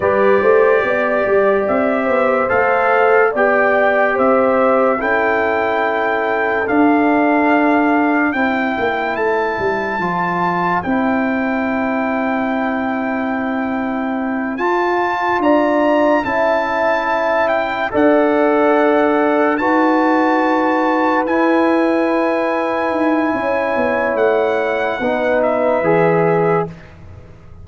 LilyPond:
<<
  \new Staff \with { instrumentName = "trumpet" } { \time 4/4 \tempo 4 = 72 d''2 e''4 f''4 | g''4 e''4 g''2 | f''2 g''4 a''4~ | a''4 g''2.~ |
g''4. a''4 ais''4 a''8~ | a''4 g''8 fis''2 a''8~ | a''4. gis''2~ gis''8~ | gis''4 fis''4. e''4. | }
  \new Staff \with { instrumentName = "horn" } { \time 4/4 b'8 c''8 d''4. c''4. | d''4 c''4 a'2~ | a'2 c''2~ | c''1~ |
c''2~ c''8 d''4 e''8~ | e''4. d''2 b'8~ | b'1 | cis''2 b'2 | }
  \new Staff \with { instrumentName = "trombone" } { \time 4/4 g'2. a'4 | g'2 e'2 | d'2 e'2 | f'4 e'2.~ |
e'4. f'2 e'8~ | e'4. a'2 fis'8~ | fis'4. e'2~ e'8~ | e'2 dis'4 gis'4 | }
  \new Staff \with { instrumentName = "tuba" } { \time 4/4 g8 a8 b8 g8 c'8 b8 a4 | b4 c'4 cis'2 | d'2 c'8 ais8 a8 g8 | f4 c'2.~ |
c'4. f'4 d'4 cis'8~ | cis'4. d'2 dis'8~ | dis'4. e'2 dis'8 | cis'8 b8 a4 b4 e4 | }
>>